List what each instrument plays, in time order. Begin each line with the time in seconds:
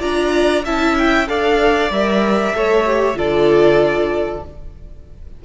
0.00 cello D4, viola F4, violin D5 A#5
0.65 cello C#4, viola E4, violin E5 A5
0.98 violin G5
1.28 cello D4, viola A4, violin D5 F5
1.90 cello G3, viola A#4, violin E5
2.54 cello A3, viola A4, violin C#5
2.86 viola G4
3.14 cello D3, viola F4, violin A4 D5